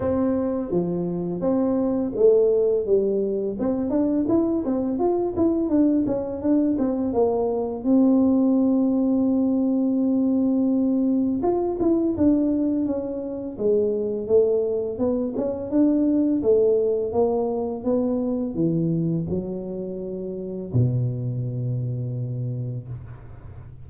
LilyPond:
\new Staff \with { instrumentName = "tuba" } { \time 4/4 \tempo 4 = 84 c'4 f4 c'4 a4 | g4 c'8 d'8 e'8 c'8 f'8 e'8 | d'8 cis'8 d'8 c'8 ais4 c'4~ | c'1 |
f'8 e'8 d'4 cis'4 gis4 | a4 b8 cis'8 d'4 a4 | ais4 b4 e4 fis4~ | fis4 b,2. | }